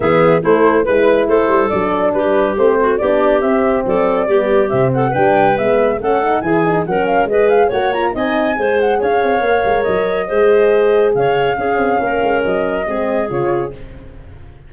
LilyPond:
<<
  \new Staff \with { instrumentName = "flute" } { \time 4/4 \tempo 4 = 140 e''4 c''4 b'4 c''4 | d''4 b'4 c''4 d''4 | e''4 d''2 e''8 fis''8 | g''4 e''4 fis''4 gis''4 |
fis''8 f''8 dis''8 f''8 fis''8 ais''8 gis''4~ | gis''8 fis''8 f''2 dis''4~ | dis''2 f''2~ | f''4 dis''2 cis''4 | }
  \new Staff \with { instrumentName = "clarinet" } { \time 4/4 gis'4 e'4 b'4 a'4~ | a'4 g'4. fis'8 g'4~ | g'4 a'4 g'4. a'8 | b'2 a'4 gis'4 |
ais'4 b'4 cis''4 dis''4 | c''4 cis''2. | c''2 cis''4 gis'4 | ais'2 gis'2 | }
  \new Staff \with { instrumentName = "horn" } { \time 4/4 b4 a4 e'2 | d'2 c'4 d'4 | c'2 b4 c'4 | d'4 b4 cis'8 dis'8 e'8 dis'8 |
cis'4 gis'4 fis'8 f'8 dis'4 | gis'2 ais'2 | gis'2. cis'4~ | cis'2 c'4 f'4 | }
  \new Staff \with { instrumentName = "tuba" } { \time 4/4 e4 a4 gis4 a8 g8 | fis4 g4 a4 b4 | c'4 fis4 g4 c4 | g4 gis4 a4 e4 |
fis4 gis4 ais4 c'4 | gis4 cis'8 c'8 ais8 gis8 fis4 | gis2 cis4 cis'8 c'8 | ais8 gis8 fis4 gis4 cis4 | }
>>